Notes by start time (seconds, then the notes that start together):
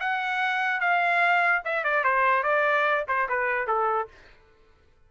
0.00 F#5
0.80 F5
1.65 E5
1.84 D5
2.04 C5
2.44 D5
3.08 C5
3.29 B4
3.67 A4